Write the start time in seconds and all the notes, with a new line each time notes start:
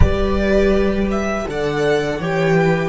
0.00 G3 G4 B4 D5
1.10 E5
1.47 D3 A4 D5 F#5
2.19 E3 G4 C#5 G5
2.54 B4